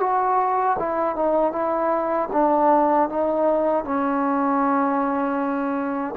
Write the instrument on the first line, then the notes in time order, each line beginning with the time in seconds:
trombone
0.00 F#4
0.79 E4
1.16 D#4
1.52 E4
2.33 D4
3.09 D#4
3.84 C#4